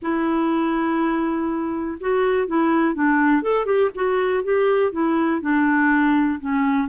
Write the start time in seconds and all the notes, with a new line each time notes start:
0.01 E4
2.00 F#4
2.47 E4
2.94 D4
3.42 A4
3.65 G4
3.94 F#4
4.43 G4
4.92 E4
5.41 D4
6.40 C#4